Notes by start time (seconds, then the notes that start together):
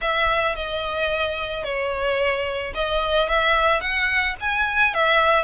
0.01 E5
0.55 D#5
1.64 C#5
2.74 D#5
3.29 E5
3.80 F#5
4.40 G#5
4.93 E5